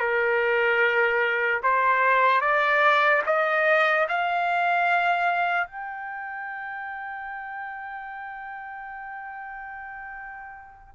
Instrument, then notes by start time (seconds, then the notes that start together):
trumpet
0.00 A#4
1.64 C5
2.41 D5
3.27 D#5
4.09 F5
5.68 G5